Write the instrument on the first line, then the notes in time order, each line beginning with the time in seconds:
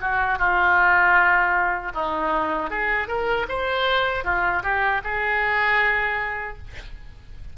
oboe
0.00 F#4
0.38 F4
1.94 D#4
2.70 G#4
3.07 A#4
3.48 C5
4.24 F4
4.63 G4
5.03 G#4